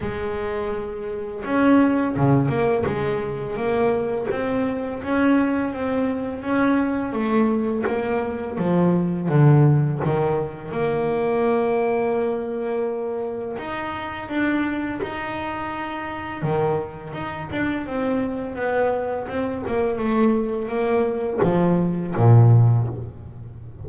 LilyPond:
\new Staff \with { instrumentName = "double bass" } { \time 4/4 \tempo 4 = 84 gis2 cis'4 cis8 ais8 | gis4 ais4 c'4 cis'4 | c'4 cis'4 a4 ais4 | f4 d4 dis4 ais4~ |
ais2. dis'4 | d'4 dis'2 dis4 | dis'8 d'8 c'4 b4 c'8 ais8 | a4 ais4 f4 ais,4 | }